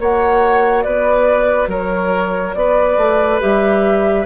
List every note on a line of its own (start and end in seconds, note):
0.00 0.86 A#3
0.00 3.40 F#4
0.00 0.85 C#5
0.00 0.82 F#5
0.82 1.68 B3
0.82 1.69 B4
0.82 1.68 D5
1.68 2.53 F#3
1.68 2.55 A#4
1.68 2.54 C#5
2.54 2.97 B3
2.54 4.26 B4
2.54 3.40 D5
2.97 3.40 A3
3.40 4.26 G3
3.40 4.26 G4
3.40 4.26 E5